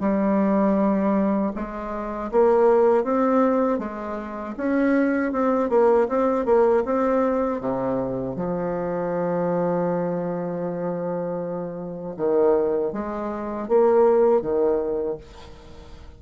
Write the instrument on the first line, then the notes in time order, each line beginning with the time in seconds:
bassoon
0.00 G3
1.55 G#3
2.31 A#3
3.04 C4
3.79 G#3
4.57 C#4
5.32 C4
5.69 A#3
6.08 C4
6.45 A#3
6.85 C4
7.61 C3
8.35 F3
12.16 D#3
12.92 G#3
13.68 A#3
14.41 D#3